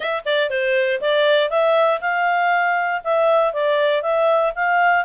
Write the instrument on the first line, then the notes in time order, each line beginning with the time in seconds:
clarinet
0.00 E5
0.25 D5
0.50 C5
1.00 D5
1.49 E5
2.00 F5
3.04 E5
3.53 D5
4.02 E5
4.55 F5